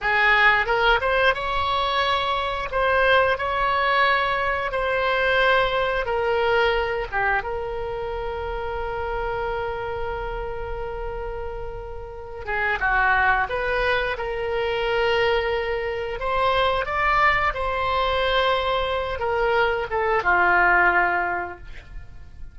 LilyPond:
\new Staff \with { instrumentName = "oboe" } { \time 4/4 \tempo 4 = 89 gis'4 ais'8 c''8 cis''2 | c''4 cis''2 c''4~ | c''4 ais'4. g'8 ais'4~ | ais'1~ |
ais'2~ ais'8 gis'8 fis'4 | b'4 ais'2. | c''4 d''4 c''2~ | c''8 ais'4 a'8 f'2 | }